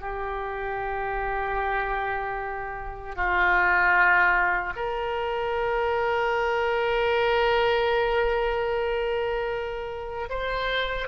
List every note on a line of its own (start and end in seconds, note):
0.00 3.15 G4
3.15 4.73 F4
4.75 10.28 A#4
10.29 11.07 C5